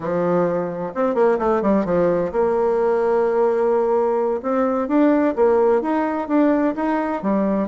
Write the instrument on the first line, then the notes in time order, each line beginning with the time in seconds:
bassoon
0.00 F3
0.94 C4
1.14 A#3
1.38 A3
1.62 G3
1.85 F3
2.32 A#3
4.42 C4
4.88 D4
5.35 A#3
5.81 D#4
6.28 D4
6.75 D#4
7.22 G3